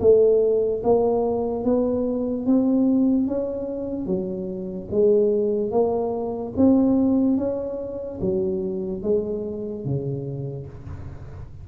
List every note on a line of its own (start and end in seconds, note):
0.00 0.82 A3
0.83 1.64 A#3
1.64 2.46 B3
2.46 3.27 C4
3.27 4.06 C#4
4.06 4.88 F#3
4.91 5.71 G#3
5.71 6.53 A#3
6.56 7.37 C4
7.37 8.19 C#4
8.21 9.03 F#3
9.03 9.85 G#3
9.85 10.67 C#3